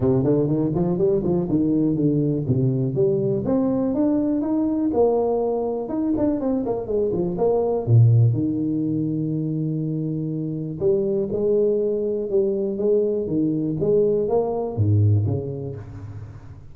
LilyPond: \new Staff \with { instrumentName = "tuba" } { \time 4/4 \tempo 4 = 122 c8 d8 dis8 f8 g8 f8 dis4 | d4 c4 g4 c'4 | d'4 dis'4 ais2 | dis'8 d'8 c'8 ais8 gis8 f8 ais4 |
ais,4 dis2.~ | dis2 g4 gis4~ | gis4 g4 gis4 dis4 | gis4 ais4 gis,4 cis4 | }